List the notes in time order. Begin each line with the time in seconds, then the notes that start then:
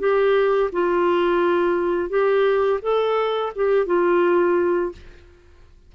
0.00 G4
0.73 F4
2.10 G4
2.82 A4
3.56 G4
3.87 F4